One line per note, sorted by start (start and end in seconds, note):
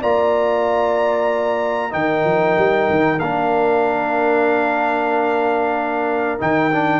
0.00 1.93 A#3
0.00 1.90 F4
0.00 1.91 D5
0.00 1.93 A#5
1.90 2.24 D#3
1.90 3.18 D#4
1.90 7.00 A#4
1.90 3.19 G5
2.24 2.56 F3
2.57 2.89 G3
2.90 3.19 D#3
3.19 6.38 A#3
3.19 6.39 D4
3.19 6.38 F5
6.39 7.00 D#3
6.39 6.71 D#4
6.39 7.00 G5
6.71 7.00 D4